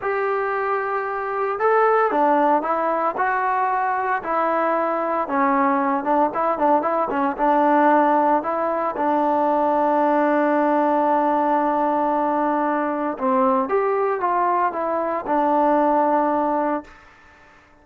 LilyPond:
\new Staff \with { instrumentName = "trombone" } { \time 4/4 \tempo 4 = 114 g'2. a'4 | d'4 e'4 fis'2 | e'2 cis'4. d'8 | e'8 d'8 e'8 cis'8 d'2 |
e'4 d'2.~ | d'1~ | d'4 c'4 g'4 f'4 | e'4 d'2. | }